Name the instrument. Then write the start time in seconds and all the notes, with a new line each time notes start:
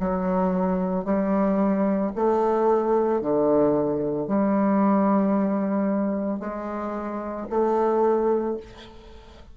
bassoon
0.00 F#3
1.05 G3
2.16 A3
3.21 D3
4.28 G3
6.40 G#3
7.50 A3